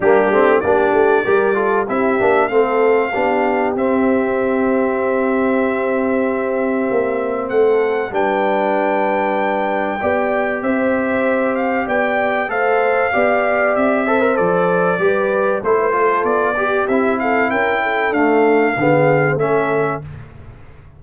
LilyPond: <<
  \new Staff \with { instrumentName = "trumpet" } { \time 4/4 \tempo 4 = 96 g'4 d''2 e''4 | f''2 e''2~ | e''1 | fis''4 g''2.~ |
g''4 e''4. f''8 g''4 | f''2 e''4 d''4~ | d''4 c''4 d''4 e''8 f''8 | g''4 f''2 e''4 | }
  \new Staff \with { instrumentName = "horn" } { \time 4/4 d'4 g'4 ais'8 a'8 g'4 | a'4 g'2.~ | g'1 | a'4 b'2. |
d''4 c''2 d''4 | c''4 d''4. c''4. | b'4 a'16 b'16 a'4 g'4 a'8 | ais'8 a'4. gis'4 a'4 | }
  \new Staff \with { instrumentName = "trombone" } { \time 4/4 ais8 c'8 d'4 g'8 f'8 e'8 d'8 | c'4 d'4 c'2~ | c'1~ | c'4 d'2. |
g'1 | a'4 g'4. a'16 ais'16 a'4 | g'4 e'8 f'4 g'8 e'4~ | e'4 a4 b4 cis'4 | }
  \new Staff \with { instrumentName = "tuba" } { \time 4/4 g8 a8 ais8 a8 g4 c'8 ais8 | a4 b4 c'2~ | c'2. ais4 | a4 g2. |
b4 c'2 b4 | a4 b4 c'4 f4 | g4 a4 b4 c'4 | cis'4 d'4 d4 a4 | }
>>